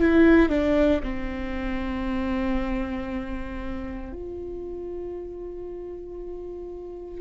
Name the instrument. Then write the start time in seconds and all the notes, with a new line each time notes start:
viola
0.00 E4
0.49 D4
1.03 C4
4.12 F4